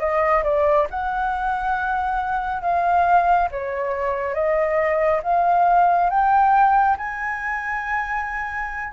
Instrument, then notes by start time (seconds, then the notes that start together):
flute
0.00 D#5
0.44 D5
0.91 F#5
2.62 F5
3.51 C#5
4.34 D#5
5.23 F5
6.10 G5
6.98 G#5